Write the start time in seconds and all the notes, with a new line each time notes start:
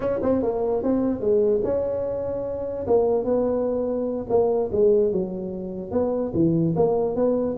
0.00 C#4
0.22 C4
0.42 A#3
0.83 C4
1.20 G#3
1.63 C#4
2.86 A#3
3.24 B3
4.29 A#3
4.71 G#3
5.12 F#3
5.91 B3
6.33 E3
6.76 A#3
7.15 B3